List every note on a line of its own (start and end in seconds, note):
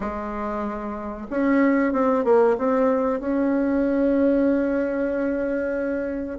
0.00 1.27 G#3
1.30 1.92 C#4
1.92 2.24 C4
2.24 2.56 A#3
2.58 3.19 C4
3.19 6.39 C#4